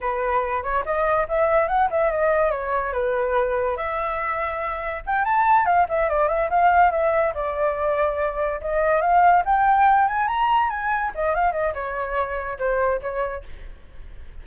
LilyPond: \new Staff \with { instrumentName = "flute" } { \time 4/4 \tempo 4 = 143 b'4. cis''8 dis''4 e''4 | fis''8 e''8 dis''4 cis''4 b'4~ | b'4 e''2. | g''8 a''4 f''8 e''8 d''8 e''8 f''8~ |
f''8 e''4 d''2~ d''8~ | d''8 dis''4 f''4 g''4. | gis''8 ais''4 gis''4 dis''8 f''8 dis''8 | cis''2 c''4 cis''4 | }